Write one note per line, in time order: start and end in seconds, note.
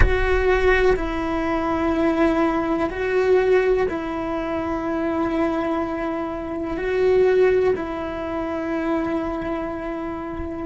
0.00 0.95 F#4
0.95 2.89 E4
2.89 3.86 F#4
3.88 6.77 E4
6.77 7.73 F#4
7.75 10.65 E4